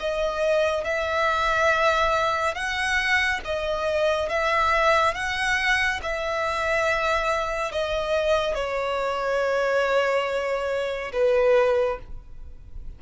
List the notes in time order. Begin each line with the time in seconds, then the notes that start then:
0.00 D#5
0.85 E5
2.55 F#5
3.45 D#5
4.29 E5
5.15 F#5
6.03 E5
7.72 D#5
8.55 C#5
11.13 B4